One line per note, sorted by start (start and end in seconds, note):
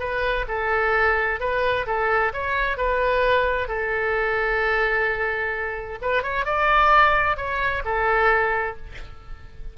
0.00 0.46 B4
0.48 1.40 A4
1.40 1.87 B4
1.87 2.33 A4
2.34 2.78 C#5
2.78 3.69 B4
3.69 5.99 A4
6.02 6.23 B4
6.23 6.46 C#5
6.46 7.37 D5
7.37 7.83 C#5
7.85 8.77 A4